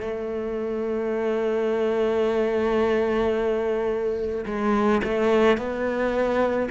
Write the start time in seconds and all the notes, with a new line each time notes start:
0.00 A3
4.45 G#3
5.04 A3
5.58 B3